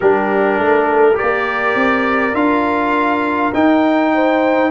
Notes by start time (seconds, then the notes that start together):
0.00 G3 D4 G4 A#4
0.58 A3 A4
1.13 G4 A#4 D5
1.22 A#3
1.75 C4
2.34 D4 F4 F5
3.53 D#4 G5
4.14 C5